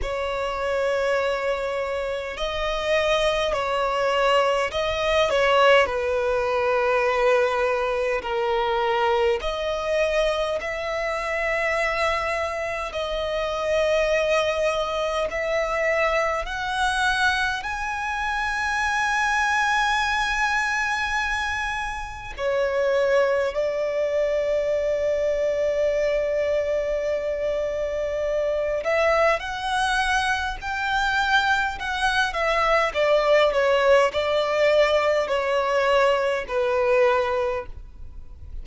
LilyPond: \new Staff \with { instrumentName = "violin" } { \time 4/4 \tempo 4 = 51 cis''2 dis''4 cis''4 | dis''8 cis''8 b'2 ais'4 | dis''4 e''2 dis''4~ | dis''4 e''4 fis''4 gis''4~ |
gis''2. cis''4 | d''1~ | d''8 e''8 fis''4 g''4 fis''8 e''8 | d''8 cis''8 d''4 cis''4 b'4 | }